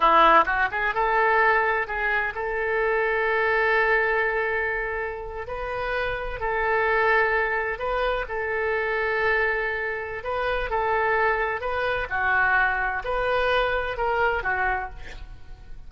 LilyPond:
\new Staff \with { instrumentName = "oboe" } { \time 4/4 \tempo 4 = 129 e'4 fis'8 gis'8 a'2 | gis'4 a'2.~ | a'2.~ a'8. b'16~ | b'4.~ b'16 a'2~ a'16~ |
a'8. b'4 a'2~ a'16~ | a'2 b'4 a'4~ | a'4 b'4 fis'2 | b'2 ais'4 fis'4 | }